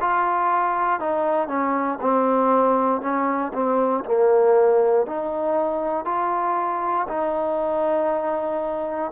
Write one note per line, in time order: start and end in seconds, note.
0.00 0.99 F4
0.99 1.47 D#4
1.47 1.98 C#4
2.01 3.01 C4
3.01 3.52 C#4
3.53 4.04 C4
4.05 5.06 A#3
5.06 6.05 D#4
6.05 7.06 F4
7.08 9.11 D#4